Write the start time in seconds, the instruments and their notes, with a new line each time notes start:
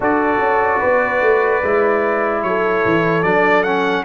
0.00 tuba D4, trombone F#4, horn A4, trumpet D5
0.38 tuba C#4
0.79 tuba B3, horn B4
1.21 tuba A3
1.62 tuba G#3, trombone E4
2.42 tuba F#3, horn A4, trumpet C#5
2.85 tuba E3
3.22 tuba F#3, trombone D4, trumpet D5
3.63 trombone C#4, trumpet F#5